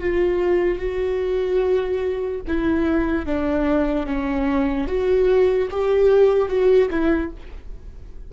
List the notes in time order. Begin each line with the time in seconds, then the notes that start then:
0.00 F4
0.79 F#4
2.47 E4
3.26 D4
4.06 C#4
4.88 F#4
5.71 G4
6.49 F#4
6.90 E4